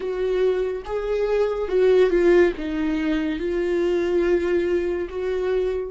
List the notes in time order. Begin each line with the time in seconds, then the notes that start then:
0.00 F#4
0.85 G#4
1.68 F#4
2.10 F4
2.57 D#4
3.39 F4
5.09 F#4